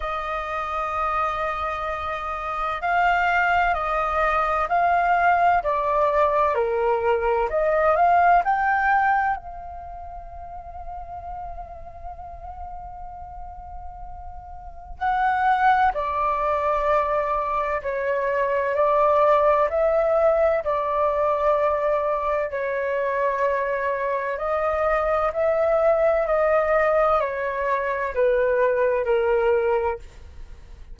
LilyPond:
\new Staff \with { instrumentName = "flute" } { \time 4/4 \tempo 4 = 64 dis''2. f''4 | dis''4 f''4 d''4 ais'4 | dis''8 f''8 g''4 f''2~ | f''1 |
fis''4 d''2 cis''4 | d''4 e''4 d''2 | cis''2 dis''4 e''4 | dis''4 cis''4 b'4 ais'4 | }